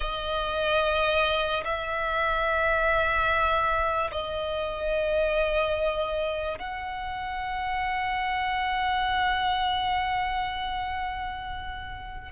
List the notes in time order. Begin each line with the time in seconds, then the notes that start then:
0.00 D#5
1.64 E5
4.11 D#5
6.58 F#5